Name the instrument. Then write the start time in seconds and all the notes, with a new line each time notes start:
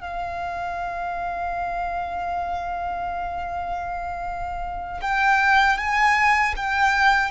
violin
0.00 F5
5.01 G5
5.77 G#5
6.56 G5